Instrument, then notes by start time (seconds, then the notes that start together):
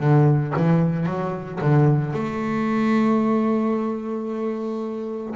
double bass
0.00 D3
0.56 E3
1.06 F#3
1.61 D3
2.13 A3